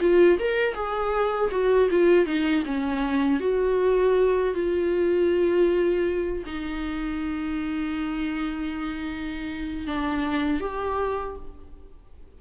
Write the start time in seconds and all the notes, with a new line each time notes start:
0.00 F4
0.39 A#4
0.74 G#4
1.51 F#4
1.90 F4
2.25 D#4
2.65 C#4
3.40 F#4
4.54 F4
6.46 D#4
9.87 D4
10.60 G4